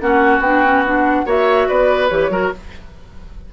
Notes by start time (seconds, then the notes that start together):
0.00 A#3 C#4 F#4 F#5
0.39 B3 D4 G5
0.64 C#4
0.86 D4 F#5
1.25 A#3 F#4 C#5 E5
1.68 B3 B4 D5
2.08 E3 G4 C#5
2.29 F#3 F#4 A#4